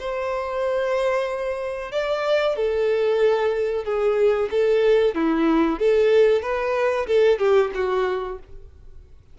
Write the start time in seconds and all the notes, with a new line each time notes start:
0.00 C5
1.92 D5
2.56 A4
3.85 G#4
4.51 A4
5.15 E4
5.79 A4
6.42 B4
7.07 A4
7.39 G4
7.75 F#4